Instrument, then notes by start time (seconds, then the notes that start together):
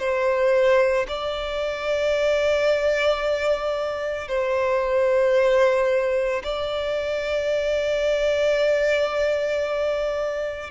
violin
0.00 C5
1.09 D5
4.29 C5
6.44 D5